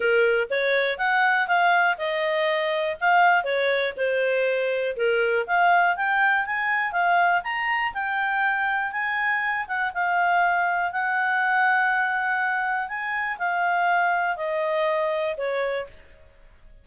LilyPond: \new Staff \with { instrumentName = "clarinet" } { \time 4/4 \tempo 4 = 121 ais'4 cis''4 fis''4 f''4 | dis''2 f''4 cis''4 | c''2 ais'4 f''4 | g''4 gis''4 f''4 ais''4 |
g''2 gis''4. fis''8 | f''2 fis''2~ | fis''2 gis''4 f''4~ | f''4 dis''2 cis''4 | }